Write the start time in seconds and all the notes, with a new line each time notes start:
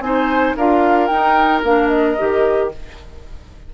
0.00 C4 D#4 C5 G#5
0.56 D4 F4 A#4 F5
1.07 D#4 G5
1.63 A#3 D4 F5
1.88 D#5
2.18 D#3 G4